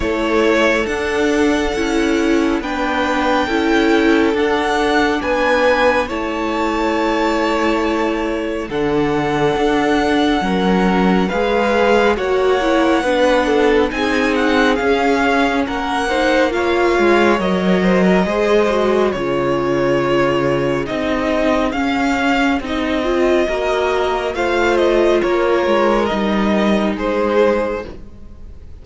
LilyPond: <<
  \new Staff \with { instrumentName = "violin" } { \time 4/4 \tempo 4 = 69 cis''4 fis''2 g''4~ | g''4 fis''4 gis''4 a''4~ | a''2 fis''2~ | fis''4 f''4 fis''2 |
gis''8 fis''8 f''4 fis''4 f''4 | dis''2 cis''2 | dis''4 f''4 dis''2 | f''8 dis''8 cis''4 dis''4 c''4 | }
  \new Staff \with { instrumentName = "violin" } { \time 4/4 a'2. b'4 | a'2 b'4 cis''4~ | cis''2 a'2 | ais'4 b'4 cis''4 b'8 a'8 |
gis'2 ais'8 c''8 cis''4~ | cis''8 c''16 ais'16 c''4 gis'2~ | gis'2. ais'4 | c''4 ais'2 gis'4 | }
  \new Staff \with { instrumentName = "viola" } { \time 4/4 e'4 d'4 e'4 d'4 | e'4 d'2 e'4~ | e'2 d'2 | cis'4 gis'4 fis'8 e'8 d'4 |
dis'4 cis'4. dis'8 f'4 | ais'4 gis'8 fis'8 f'2 | dis'4 cis'4 dis'8 f'8 fis'4 | f'2 dis'2 | }
  \new Staff \with { instrumentName = "cello" } { \time 4/4 a4 d'4 cis'4 b4 | cis'4 d'4 b4 a4~ | a2 d4 d'4 | fis4 gis4 ais4 b4 |
c'4 cis'4 ais4. gis8 | fis4 gis4 cis2 | c'4 cis'4 c'4 ais4 | a4 ais8 gis8 g4 gis4 | }
>>